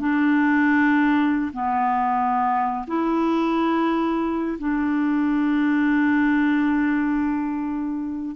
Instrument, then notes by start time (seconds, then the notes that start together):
clarinet
0.00 D4
1.53 B3
2.88 E4
4.59 D4